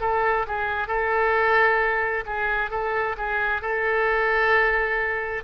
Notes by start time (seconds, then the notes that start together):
0.00 A4
0.47 G#4
0.87 A4
2.26 G#4
2.70 A4
3.17 G#4
3.61 A4